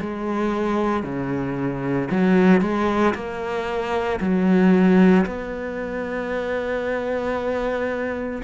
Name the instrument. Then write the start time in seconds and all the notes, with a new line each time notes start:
cello
0.00 G#3
1.03 C#3
2.11 F#3
2.61 G#3
3.14 A#3
4.20 F#3
5.26 B3